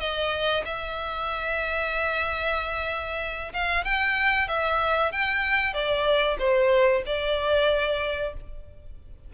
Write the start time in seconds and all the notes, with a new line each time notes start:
0.00 D#5
0.65 E5
3.53 F5
3.84 G5
4.48 E5
5.12 G5
5.74 D5
6.39 C5
7.06 D5